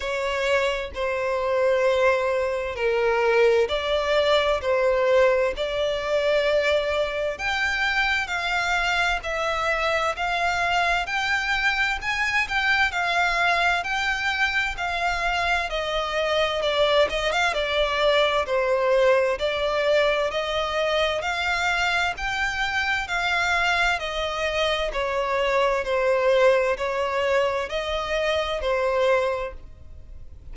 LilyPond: \new Staff \with { instrumentName = "violin" } { \time 4/4 \tempo 4 = 65 cis''4 c''2 ais'4 | d''4 c''4 d''2 | g''4 f''4 e''4 f''4 | g''4 gis''8 g''8 f''4 g''4 |
f''4 dis''4 d''8 dis''16 f''16 d''4 | c''4 d''4 dis''4 f''4 | g''4 f''4 dis''4 cis''4 | c''4 cis''4 dis''4 c''4 | }